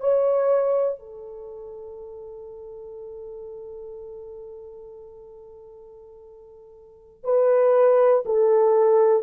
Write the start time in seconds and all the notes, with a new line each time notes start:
0.00 C#5
0.99 A4
7.24 B4
8.25 A4